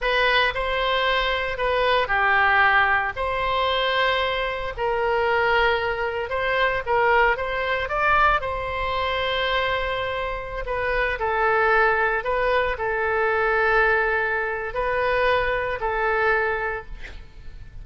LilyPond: \new Staff \with { instrumentName = "oboe" } { \time 4/4 \tempo 4 = 114 b'4 c''2 b'4 | g'2 c''2~ | c''4 ais'2. | c''4 ais'4 c''4 d''4 |
c''1~ | c''16 b'4 a'2 b'8.~ | b'16 a'2.~ a'8. | b'2 a'2 | }